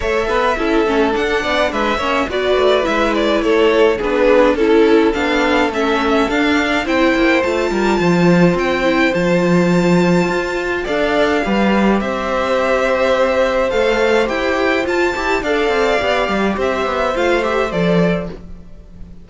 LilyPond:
<<
  \new Staff \with { instrumentName = "violin" } { \time 4/4 \tempo 4 = 105 e''2 fis''4 e''4 | d''4 e''8 d''8 cis''4 b'4 | a'4 f''4 e''4 f''4 | g''4 a''2 g''4 |
a''2. f''4~ | f''4 e''2. | f''4 g''4 a''4 f''4~ | f''4 e''4 f''8 e''8 d''4 | }
  \new Staff \with { instrumentName = "violin" } { \time 4/4 cis''8 b'8 a'4. d''8 b'8 cis''8 | b'2 a'4 gis'4 | a'1 | c''4. ais'8 c''2~ |
c''2. d''4 | b'4 c''2.~ | c''2. d''4~ | d''4 c''2. | }
  \new Staff \with { instrumentName = "viola" } { \time 4/4 a'4 e'8 cis'8 d'4. cis'8 | fis'4 e'2 d'4 | e'4 d'4 cis'4 d'4 | e'4 f'2~ f'8 e'8 |
f'2. a'4 | g'1 | a'4 g'4 f'8 g'8 a'4 | g'2 f'8 g'8 a'4 | }
  \new Staff \with { instrumentName = "cello" } { \time 4/4 a8 b8 cis'8 a8 d'8 b8 gis8 ais8 | b8 a8 gis4 a4 b4 | cis'4 b4 a4 d'4 | c'8 ais8 a8 g8 f4 c'4 |
f2 f'4 d'4 | g4 c'2. | a4 e'4 f'8 e'8 d'8 c'8 | b8 g8 c'8 b8 a4 f4 | }
>>